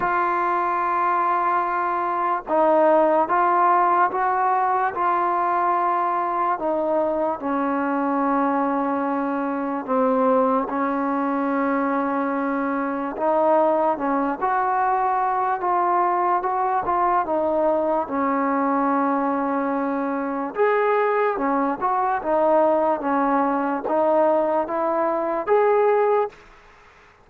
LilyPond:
\new Staff \with { instrumentName = "trombone" } { \time 4/4 \tempo 4 = 73 f'2. dis'4 | f'4 fis'4 f'2 | dis'4 cis'2. | c'4 cis'2. |
dis'4 cis'8 fis'4. f'4 | fis'8 f'8 dis'4 cis'2~ | cis'4 gis'4 cis'8 fis'8 dis'4 | cis'4 dis'4 e'4 gis'4 | }